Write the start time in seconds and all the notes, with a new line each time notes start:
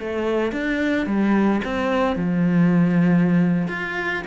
0.00 A3
0.53 D4
1.07 G3
1.65 C4
2.16 F3
3.68 F4